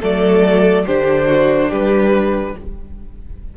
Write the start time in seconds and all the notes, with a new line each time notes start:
0.00 F#3 A3 A4 D5
0.86 D3 D4 G4 C5
1.28 F#4
1.69 G3 G4 B4